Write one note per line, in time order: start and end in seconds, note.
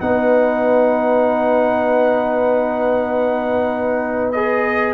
0.00 4.94 B3
0.00 4.34 D#4
0.00 4.94 B4
0.00 4.31 F#5
4.31 4.94 G#4
4.31 4.93 D#5